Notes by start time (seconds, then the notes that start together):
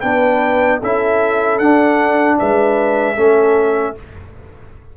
0.00 B3 D4 B4 G5
0.79 C#4 E4 A4 E5
1.58 D4 F#5
2.39 G#3 B4 E5
3.16 A3 C#4 A4